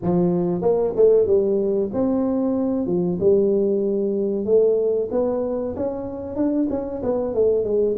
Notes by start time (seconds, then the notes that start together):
0.02 F3
0.61 A#3
0.95 A3
1.26 G3
1.93 C4
2.86 F3
3.19 G3
4.45 A3
5.11 B3
5.76 C#4
6.36 D4
6.70 C#4
7.02 B3
7.34 A3
7.64 G#3